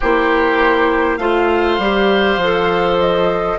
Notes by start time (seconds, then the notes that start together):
0.00 A#3 E4 G4 C5
1.16 A3 F4 C5 F5
1.78 G3 G4
2.36 F3
2.43 A4
2.99 D#5